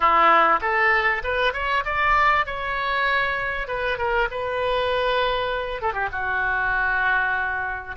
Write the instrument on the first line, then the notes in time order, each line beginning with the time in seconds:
oboe
0.00 E4
0.61 A4
1.23 B4
1.53 C#5
1.85 D5
2.45 C#5
3.67 B4
3.98 A#4
4.30 B4
5.81 A4
5.93 G4
6.12 F#4